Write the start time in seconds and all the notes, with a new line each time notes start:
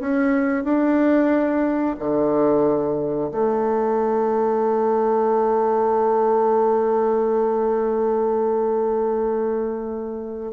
0.00 C#4
0.64 D4
1.99 D3
3.31 A3